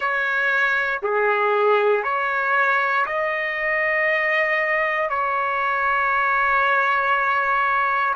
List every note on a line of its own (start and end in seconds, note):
0.00 1.00 C#5
1.02 2.03 G#4
2.03 3.05 C#5
3.06 5.09 D#5
5.09 8.14 C#5